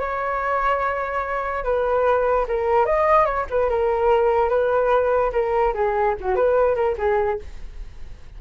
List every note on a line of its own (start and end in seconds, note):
0.00 1.64 C#5
1.64 2.47 B4
2.48 2.86 A#4
2.86 3.26 D#5
3.26 3.46 C#5
3.50 3.70 B4
3.70 4.50 A#4
4.50 5.32 B4
5.33 5.74 A#4
5.74 6.15 G#4
6.21 6.36 F#4
6.36 6.76 B4
6.76 6.96 A#4
6.98 7.40 G#4